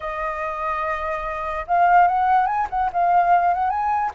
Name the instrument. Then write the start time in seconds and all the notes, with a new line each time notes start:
flute
0.00 D#5
1.67 F5
2.07 F#5
2.46 G#5
2.70 F#5
2.92 F5
3.53 F#5
3.70 G#5